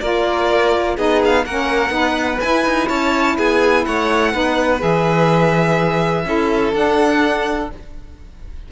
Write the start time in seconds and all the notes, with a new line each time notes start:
0.00 A#3 F4 A#4 D5
0.96 B3 D#4 G#4 D#5
1.24 F5
1.45 A#3 C#4 A#4 F#5
1.90 B3 D#4 B4
2.40 E4 G#5
2.64 D#4
2.88 C#4 C#5 A5
3.37 B3 G#4 G#5
3.85 A3 C#5 F#5
4.31 B3 D#4 B4
4.79 E3 G#4 E5
6.25 C#4 E4 A4
6.72 D4 F#5